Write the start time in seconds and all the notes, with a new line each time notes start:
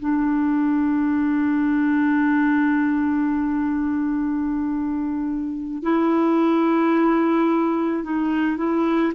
0.00 D4
5.83 E4
8.04 D#4
8.58 E4